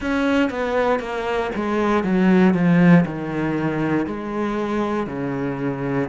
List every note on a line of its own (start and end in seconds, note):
0.00 0.49 C#4
0.49 0.99 B3
0.99 1.50 A#3
1.55 2.03 G#3
2.03 2.54 F#3
2.54 3.05 F3
3.05 4.06 D#3
4.06 5.07 G#3
5.07 6.08 C#3